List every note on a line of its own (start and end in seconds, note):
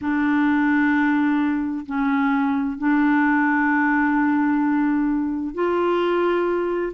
0.01 1.85 D4
1.85 2.78 C#4
2.78 5.54 D4
5.54 6.92 F4